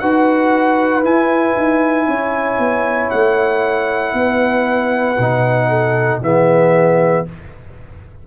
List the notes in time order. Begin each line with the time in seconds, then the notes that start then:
0.00 D#4 F#4 B4 F#5
1.02 E4 G#5
1.56 D#4
2.07 C#4 C#5
2.59 B3
3.10 A3 F#5
4.13 B3 B4
5.19 B2 D#4
5.69 A4
6.21 E3 B3 G#4 E5